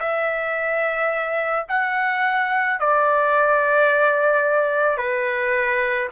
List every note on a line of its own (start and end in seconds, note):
0.00 1.67 E5
1.69 2.80 F#5
2.80 4.97 D5
4.97 6.09 B4